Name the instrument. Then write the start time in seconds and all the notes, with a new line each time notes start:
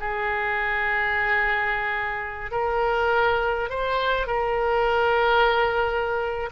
oboe
0.00 G#4
2.51 A#4
3.69 C5
4.27 A#4